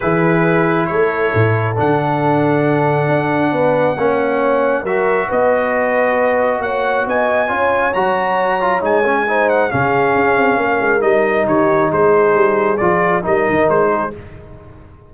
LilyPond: <<
  \new Staff \with { instrumentName = "trumpet" } { \time 4/4 \tempo 4 = 136 b'2 cis''2 | fis''1~ | fis''2. e''4 | dis''2. fis''4 |
gis''2 ais''2 | gis''4. fis''8 f''2~ | f''4 dis''4 cis''4 c''4~ | c''4 d''4 dis''4 c''4 | }
  \new Staff \with { instrumentName = "horn" } { \time 4/4 gis'2 a'2~ | a'1 | b'4 cis''2 ais'4 | b'2. cis''4 |
dis''4 cis''2.~ | cis''4 c''4 gis'2 | ais'2 g'4 gis'4~ | gis'2 ais'4. gis'8 | }
  \new Staff \with { instrumentName = "trombone" } { \time 4/4 e'1 | d'1~ | d'4 cis'2 fis'4~ | fis'1~ |
fis'4 f'4 fis'4. f'8 | dis'8 cis'8 dis'4 cis'2~ | cis'4 dis'2.~ | dis'4 f'4 dis'2 | }
  \new Staff \with { instrumentName = "tuba" } { \time 4/4 e2 a4 a,4 | d2. d'4 | b4 ais2 fis4 | b2. ais4 |
b4 cis'4 fis2 | gis2 cis4 cis'8 c'8 | ais8 gis8 g4 dis4 gis4 | g4 f4 g8 dis8 gis4 | }
>>